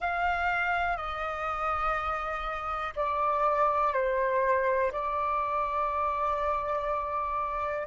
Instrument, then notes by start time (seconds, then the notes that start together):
flute
0.00 F5
0.96 D#5
2.96 D5
3.93 C5
4.92 D5